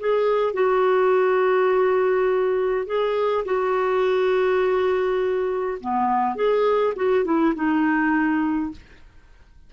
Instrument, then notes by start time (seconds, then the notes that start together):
clarinet
0.00 G#4
0.53 F#4
2.86 G#4
3.45 F#4
5.81 B3
6.36 G#4
6.96 F#4
7.25 E4
7.55 D#4